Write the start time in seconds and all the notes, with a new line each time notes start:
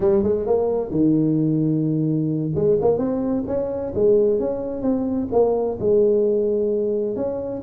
0.00 G3
0.23 G#3
0.46 A#3
0.90 D#3
2.55 G#3
2.81 A#3
2.98 C4
3.47 C#4
3.95 G#3
4.39 C#4
4.82 C4
5.32 A#3
5.79 G#3
7.15 C#4